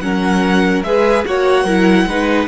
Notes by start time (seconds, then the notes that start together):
0.00 F#3 C#4 A#4 F#5
0.83 G#3 G#4 B4 E5
1.25 A#3 F#4 C#5 F#5
1.64 F#3 E4 A#4
2.06 G#3 D#4 B4